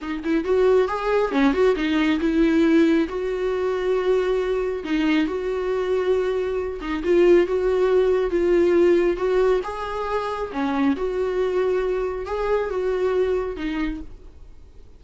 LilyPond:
\new Staff \with { instrumentName = "viola" } { \time 4/4 \tempo 4 = 137 dis'8 e'8 fis'4 gis'4 cis'8 fis'8 | dis'4 e'2 fis'4~ | fis'2. dis'4 | fis'2.~ fis'8 dis'8 |
f'4 fis'2 f'4~ | f'4 fis'4 gis'2 | cis'4 fis'2. | gis'4 fis'2 dis'4 | }